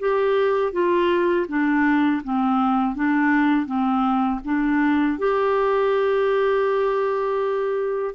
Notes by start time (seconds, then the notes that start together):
0.00 G4
0.73 F4
1.48 D4
2.24 C4
2.96 D4
3.66 C4
4.45 D4
5.19 G4